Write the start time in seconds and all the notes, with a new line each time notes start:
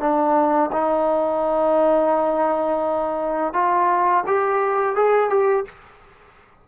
0.00 D4
0.73 D#4
3.54 F4
4.27 G4
4.96 G#4
5.30 G4